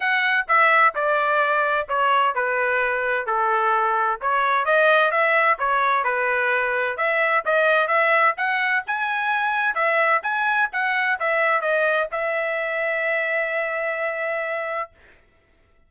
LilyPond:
\new Staff \with { instrumentName = "trumpet" } { \time 4/4 \tempo 4 = 129 fis''4 e''4 d''2 | cis''4 b'2 a'4~ | a'4 cis''4 dis''4 e''4 | cis''4 b'2 e''4 |
dis''4 e''4 fis''4 gis''4~ | gis''4 e''4 gis''4 fis''4 | e''4 dis''4 e''2~ | e''1 | }